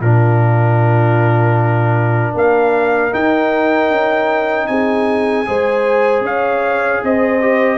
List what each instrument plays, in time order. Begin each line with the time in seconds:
0.00 tuba A#2, trombone D4, horn F4, trumpet A#4
2.33 tuba A#3, horn A#4, trumpet F5
3.11 trombone D#4, tuba D#4, trumpet G5
3.90 tuba C#4
4.66 tuba C4, horn G#4, trumpet G#5
5.46 tuba G#3, trombone G#4, horn C5
6.21 tuba C#4, horn C#5, trumpet F5
7.03 tuba C4, horn C5, trumpet D#5
7.41 trombone G4